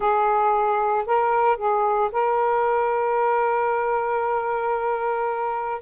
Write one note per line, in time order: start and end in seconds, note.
0.00 1.05 G#4
1.06 1.57 A#4
1.57 2.10 G#4
2.12 5.81 A#4